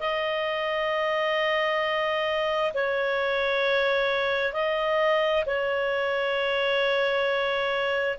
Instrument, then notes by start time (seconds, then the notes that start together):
clarinet
0.00 D#5
2.74 C#5
4.53 D#5
5.46 C#5